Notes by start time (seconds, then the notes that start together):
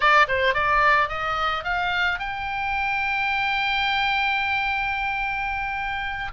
0.00 D5
0.28 C5
0.54 D5
1.09 D#5
1.64 F5
2.19 G5